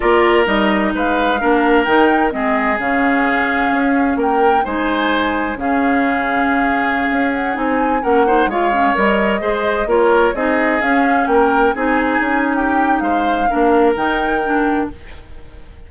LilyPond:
<<
  \new Staff \with { instrumentName = "flute" } { \time 4/4 \tempo 4 = 129 d''4 dis''4 f''2 | g''4 dis''4 f''2~ | f''4 g''4 gis''2 | f''2.~ f''8. fis''16~ |
fis''16 gis''4 fis''4 f''4 dis''8.~ | dis''4~ dis''16 cis''4 dis''4 f''8.~ | f''16 g''4 gis''4.~ gis''16 g''4 | f''2 g''2 | }
  \new Staff \with { instrumentName = "oboe" } { \time 4/4 ais'2 b'4 ais'4~ | ais'4 gis'2.~ | gis'4 ais'4 c''2 | gis'1~ |
gis'4~ gis'16 ais'8 c''8 cis''4.~ cis''16~ | cis''16 c''4 ais'4 gis'4.~ gis'16~ | gis'16 ais'4 gis'4.~ gis'16 g'4 | c''4 ais'2. | }
  \new Staff \with { instrumentName = "clarinet" } { \time 4/4 f'4 dis'2 d'4 | dis'4 c'4 cis'2~ | cis'2 dis'2 | cis'1~ |
cis'16 dis'4 cis'8 dis'8 f'8 cis'8 ais'8.~ | ais'16 gis'4 f'4 dis'4 cis'8.~ | cis'4~ cis'16 dis'2~ dis'8.~ | dis'4 d'4 dis'4 d'4 | }
  \new Staff \with { instrumentName = "bassoon" } { \time 4/4 ais4 g4 gis4 ais4 | dis4 gis4 cis2 | cis'4 ais4 gis2 | cis2.~ cis16 cis'8.~ |
cis'16 c'4 ais4 gis4 g8.~ | g16 gis4 ais4 c'4 cis'8.~ | cis'16 ais4 c'4 cis'4.~ cis'16 | gis4 ais4 dis2 | }
>>